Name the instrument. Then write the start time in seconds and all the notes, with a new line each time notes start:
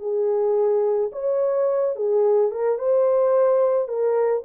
horn
0.00 G#4
1.13 C#5
1.96 G#4
2.52 A#4
2.79 C5
3.88 A#4